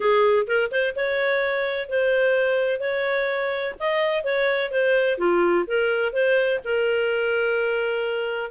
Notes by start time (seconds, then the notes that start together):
0.00 G#4
0.47 A#4
0.71 C5
0.95 C#5
1.89 C5
2.80 C#5
3.79 D#5
4.24 C#5
4.71 C5
5.18 F4
5.67 A#4
6.12 C5
6.64 A#4